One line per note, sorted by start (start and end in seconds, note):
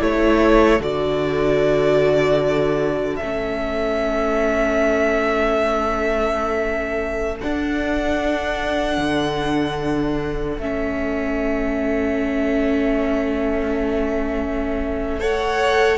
0.00 0.80 A3
0.00 0.80 E4
0.00 15.20 A4
0.00 0.83 C#5
0.80 3.20 D3
0.80 3.21 F#4
0.80 3.17 D5
3.17 7.42 A3
3.17 7.41 C#4
3.17 7.37 E5
7.41 10.61 D4
7.41 8.98 D4
7.41 10.61 F#5
8.98 10.58 D3
10.59 15.98 A3
10.59 15.20 C#4
10.59 15.21 E5
15.20 15.98 A4
15.20 15.98 C#5
15.20 15.98 F#5